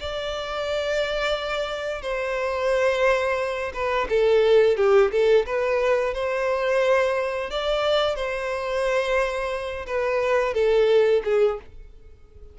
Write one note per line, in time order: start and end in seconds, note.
0.00 2.02 D5
2.02 3.72 C5
3.73 4.08 B4
4.09 4.77 A4
4.77 5.11 G4
5.12 5.46 A4
5.46 6.14 B4
6.14 7.50 C5
7.50 8.16 D5
8.16 9.86 C5
9.86 10.54 B4
10.54 11.22 A4
11.24 11.58 G#4